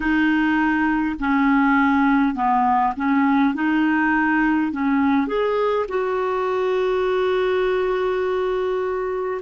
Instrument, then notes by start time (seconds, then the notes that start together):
clarinet
0.00 D#4
1.19 C#4
2.34 B3
2.96 C#4
3.54 D#4
4.72 C#4
5.27 G#4
5.88 F#4